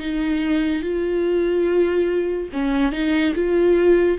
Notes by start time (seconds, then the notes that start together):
0.00 D#4
0.83 F4
2.53 C#4
2.92 D#4
3.35 F4